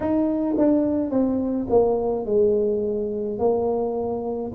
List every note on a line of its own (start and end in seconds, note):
0.00 0.55 D#4
0.57 1.10 D4
1.10 1.67 C4
1.69 2.25 A#3
2.25 3.39 G#3
3.39 4.52 A#3